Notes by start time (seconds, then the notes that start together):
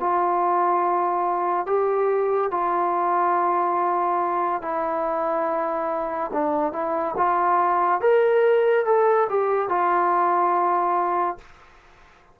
0.00 F4
1.67 G4
2.51 F4
4.62 E4
6.33 D4
6.73 E4
7.18 F4
8.01 A#4
8.86 A4
9.30 G4
9.69 F4